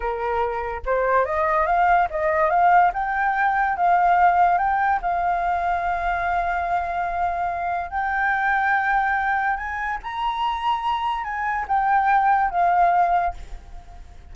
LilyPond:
\new Staff \with { instrumentName = "flute" } { \time 4/4 \tempo 4 = 144 ais'2 c''4 dis''4 | f''4 dis''4 f''4 g''4~ | g''4 f''2 g''4 | f''1~ |
f''2. g''4~ | g''2. gis''4 | ais''2. gis''4 | g''2 f''2 | }